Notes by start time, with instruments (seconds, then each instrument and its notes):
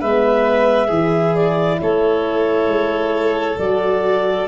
0.00 tuba G#3, horn B3, violin B4, clarinet E5
0.87 tuba E3, violin G#4
0.93 horn E4
1.35 clarinet D5
1.80 tuba A3, violin A4, clarinet C#5
2.66 tuba G#3
3.58 tuba F#3, horn F#4, clarinet D5